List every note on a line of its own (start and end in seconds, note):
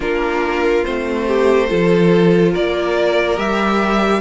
0.00 0.84 A#3
0.00 0.84 D4
0.00 1.25 F4
0.00 0.84 A#4
0.84 1.70 A3
0.84 1.69 C4
0.84 2.53 C5
1.27 1.69 G4
1.69 2.55 F3
1.69 3.36 F4
1.69 2.52 A4
2.52 3.37 A#3
2.52 4.20 A#4
2.52 3.38 D5
3.36 4.20 G3
3.36 4.20 G4
3.36 4.20 E5